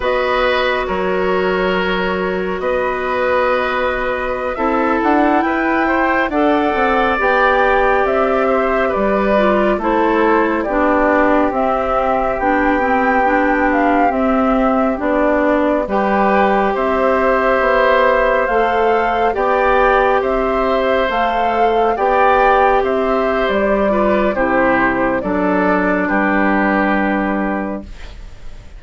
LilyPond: <<
  \new Staff \with { instrumentName = "flute" } { \time 4/4 \tempo 4 = 69 dis''4 cis''2 dis''4~ | dis''4~ dis''16 e''8 fis''8 g''4 fis''8.~ | fis''16 g''4 e''4 d''4 c''8.~ | c''16 d''4 e''4 g''4. f''16~ |
f''16 e''4 d''4 g''4 e''8.~ | e''4~ e''16 f''4 g''4 e''8.~ | e''16 f''4 g''4 e''8. d''4 | c''4 d''4 b'2 | }
  \new Staff \with { instrumentName = "oboe" } { \time 4/4 b'4 ais'2 b'4~ | b'4~ b'16 a'4 b'8 c''8 d''8.~ | d''4.~ d''16 c''8 b'4 a'8.~ | a'16 g'2.~ g'8.~ |
g'2~ g'16 b'4 c''8.~ | c''2~ c''16 d''4 c''8.~ | c''4~ c''16 d''4 c''4~ c''16 b'8 | g'4 a'4 g'2 | }
  \new Staff \with { instrumentName = "clarinet" } { \time 4/4 fis'1~ | fis'4~ fis'16 e'2 a'8.~ | a'16 g'2~ g'8 f'8 e'8.~ | e'16 d'4 c'4 d'8 c'8 d'8.~ |
d'16 c'4 d'4 g'4.~ g'16~ | g'4~ g'16 a'4 g'4.~ g'16~ | g'16 a'4 g'2~ g'16 f'8 | e'4 d'2. | }
  \new Staff \with { instrumentName = "bassoon" } { \time 4/4 b4 fis2 b4~ | b4~ b16 c'8 d'8 e'4 d'8 c'16~ | c'16 b4 c'4 g4 a8.~ | a16 b4 c'4 b4.~ b16~ |
b16 c'4 b4 g4 c'8.~ | c'16 b4 a4 b4 c'8.~ | c'16 a4 b4 c'8. g4 | c4 fis4 g2 | }
>>